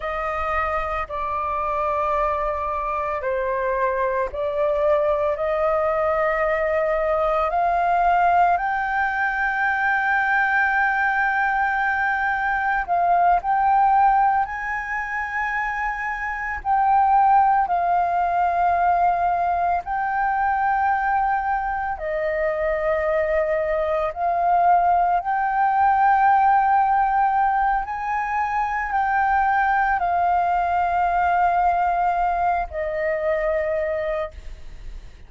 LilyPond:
\new Staff \with { instrumentName = "flute" } { \time 4/4 \tempo 4 = 56 dis''4 d''2 c''4 | d''4 dis''2 f''4 | g''1 | f''8 g''4 gis''2 g''8~ |
g''8 f''2 g''4.~ | g''8 dis''2 f''4 g''8~ | g''2 gis''4 g''4 | f''2~ f''8 dis''4. | }